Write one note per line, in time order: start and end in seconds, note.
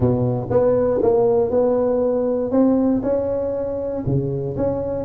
0.00 0.48 B2
0.50 1.01 B3
1.02 1.50 A#3
1.50 2.51 B3
2.51 3.01 C4
3.02 4.03 C#4
4.06 4.56 C#3
4.56 5.04 C#4